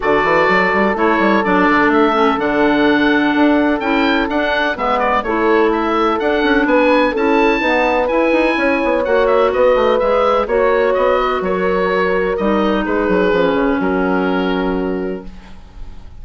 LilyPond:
<<
  \new Staff \with { instrumentName = "oboe" } { \time 4/4 \tempo 4 = 126 d''2 cis''4 d''4 | e''4 fis''2. | g''4 fis''4 e''8 d''8 cis''4 | e''4 fis''4 gis''4 a''4~ |
a''4 gis''2 fis''8 e''8 | dis''4 e''4 cis''4 dis''4 | cis''2 dis''4 b'4~ | b'4 ais'2. | }
  \new Staff \with { instrumentName = "horn" } { \time 4/4 a'1~ | a'1~ | a'2 b'4 a'4~ | a'2 b'4 a'4 |
b'2 cis''2 | b'2 cis''4. b'8 | ais'2. gis'4~ | gis'4 fis'2. | }
  \new Staff \with { instrumentName = "clarinet" } { \time 4/4 fis'2 e'4 d'4~ | d'8 cis'8 d'2. | e'4 d'4 b4 e'4~ | e'4 d'2 e'4 |
b4 e'2 fis'4~ | fis'4 gis'4 fis'2~ | fis'2 dis'2 | cis'1 | }
  \new Staff \with { instrumentName = "bassoon" } { \time 4/4 d8 e8 fis8 g8 a8 g8 fis8 d8 | a4 d2 d'4 | cis'4 d'4 gis4 a4~ | a4 d'8 cis'8 b4 cis'4 |
dis'4 e'8 dis'8 cis'8 b8 ais4 | b8 a8 gis4 ais4 b4 | fis2 g4 gis8 fis8 | f8 cis8 fis2. | }
>>